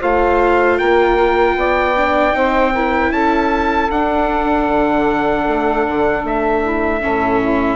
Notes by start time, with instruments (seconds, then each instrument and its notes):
0.00 bassoon A3, viola F4, saxophone C5, trumpet F5
0.78 bassoon A#3, saxophone A#4, trumpet G5
1.55 bassoon B3, saxophone D5
1.96 viola D4
2.32 bassoon C4, viola D#4, saxophone C5
2.73 viola E4, saxophone A#4
3.10 bassoon C#4, saxophone A4, trumpet A5
3.90 bassoon D4, viola D4, trumpet F#5
4.68 bassoon D3
5.47 bassoon A3
5.87 bassoon D3
6.23 bassoon A3, trumpet E5
6.62 saxophone E4
7.01 bassoon A2, viola C#4, saxophone A4
7.41 saxophone E4